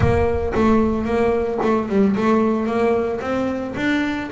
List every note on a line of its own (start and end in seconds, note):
0.00 0.53 A#3
0.55 1.05 A3
1.05 1.58 A#3
1.62 1.88 A3
1.88 2.15 G3
2.16 2.66 A3
2.66 3.19 A#3
3.20 3.74 C4
3.76 4.30 D4